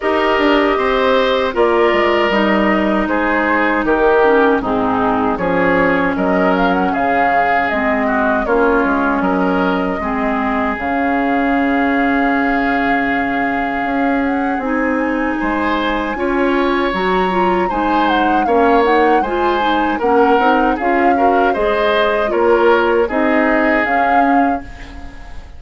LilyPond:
<<
  \new Staff \with { instrumentName = "flute" } { \time 4/4 \tempo 4 = 78 dis''2 d''4 dis''4 | c''4 ais'4 gis'4 cis''4 | dis''8 f''16 fis''16 f''4 dis''4 cis''4 | dis''2 f''2~ |
f''2~ f''8 fis''8 gis''4~ | gis''2 ais''4 gis''8 fis''8 | f''8 fis''8 gis''4 fis''4 f''4 | dis''4 cis''4 dis''4 f''4 | }
  \new Staff \with { instrumentName = "oboe" } { \time 4/4 ais'4 c''4 ais'2 | gis'4 g'4 dis'4 gis'4 | ais'4 gis'4. fis'8 f'4 | ais'4 gis'2.~ |
gis'1 | c''4 cis''2 c''4 | cis''4 c''4 ais'4 gis'8 ais'8 | c''4 ais'4 gis'2 | }
  \new Staff \with { instrumentName = "clarinet" } { \time 4/4 g'2 f'4 dis'4~ | dis'4. cis'8 c'4 cis'4~ | cis'2 c'4 cis'4~ | cis'4 c'4 cis'2~ |
cis'2. dis'4~ | dis'4 f'4 fis'8 f'8 dis'4 | cis'8 dis'8 f'8 dis'8 cis'8 dis'8 f'8 fis'8 | gis'4 f'4 dis'4 cis'4 | }
  \new Staff \with { instrumentName = "bassoon" } { \time 4/4 dis'8 d'8 c'4 ais8 gis8 g4 | gis4 dis4 gis,4 f4 | fis4 cis4 gis4 ais8 gis8 | fis4 gis4 cis2~ |
cis2 cis'4 c'4 | gis4 cis'4 fis4 gis4 | ais4 gis4 ais8 c'8 cis'4 | gis4 ais4 c'4 cis'4 | }
>>